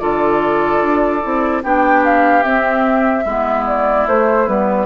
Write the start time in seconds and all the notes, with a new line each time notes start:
0.00 D3 F4 A4 D5
0.82 D4
1.22 C4 E4
1.64 B3 D4 G4 G5
2.05 F5
2.44 C4 E5
3.25 G#3 B3 E4
3.67 D5
4.07 A3 C5
4.48 G3 B3 B4